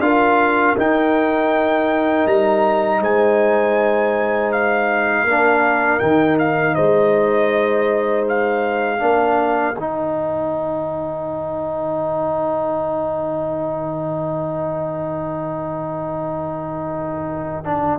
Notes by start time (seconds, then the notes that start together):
0.00 D4 F4 A#4 F5
0.77 D#4 G5
2.26 G3 A#5
3.01 G#3 C5 G#5
4.52 F5
5.24 A#3 D4 A#4
6.00 D#3 D#4 G5
6.39 F5
6.75 G#3 C5 D#5
8.28 F5
8.99 A#3 D4 A#4
9.76 D#3 D#4 G5
17.65 D4